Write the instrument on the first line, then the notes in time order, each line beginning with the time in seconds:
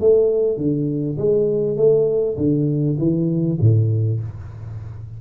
tuba
0.00 A3
0.57 D3
1.18 G#3
1.77 A3
2.37 D3
2.98 E3
3.61 A2